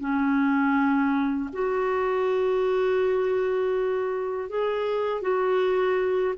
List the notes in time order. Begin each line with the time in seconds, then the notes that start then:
0.00 C#4
1.53 F#4
4.50 G#4
5.22 F#4